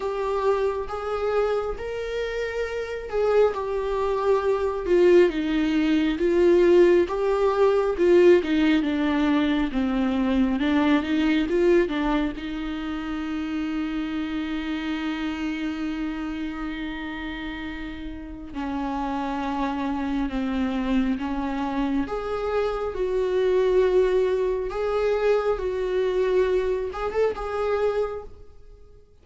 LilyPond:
\new Staff \with { instrumentName = "viola" } { \time 4/4 \tempo 4 = 68 g'4 gis'4 ais'4. gis'8 | g'4. f'8 dis'4 f'4 | g'4 f'8 dis'8 d'4 c'4 | d'8 dis'8 f'8 d'8 dis'2~ |
dis'1~ | dis'4 cis'2 c'4 | cis'4 gis'4 fis'2 | gis'4 fis'4. gis'16 a'16 gis'4 | }